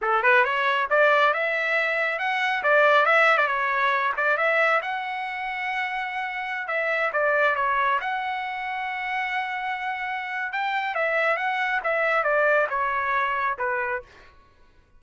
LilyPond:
\new Staff \with { instrumentName = "trumpet" } { \time 4/4 \tempo 4 = 137 a'8 b'8 cis''4 d''4 e''4~ | e''4 fis''4 d''4 e''8. d''16 | cis''4. d''8 e''4 fis''4~ | fis''2.~ fis''16 e''8.~ |
e''16 d''4 cis''4 fis''4.~ fis''16~ | fis''1 | g''4 e''4 fis''4 e''4 | d''4 cis''2 b'4 | }